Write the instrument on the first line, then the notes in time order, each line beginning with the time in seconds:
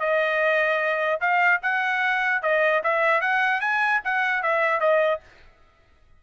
trumpet
0.00 D#5
1.21 F5
1.63 F#5
2.43 D#5
2.84 E5
3.21 F#5
3.61 G#5
4.04 F#5
4.43 E5
4.81 D#5